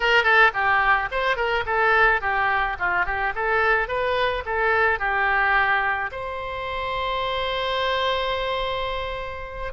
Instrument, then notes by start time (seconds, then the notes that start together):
oboe
0.00 A#4
0.23 A4
0.53 G4
1.11 C5
1.36 A#4
1.66 A4
2.21 G4
2.79 F4
3.05 G4
3.35 A4
3.87 B4
4.45 A4
4.99 G4
6.11 C5